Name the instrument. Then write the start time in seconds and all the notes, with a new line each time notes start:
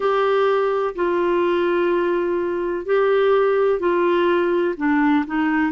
clarinet
0.00 G4
0.95 F4
2.85 G4
3.79 F4
4.77 D4
5.26 D#4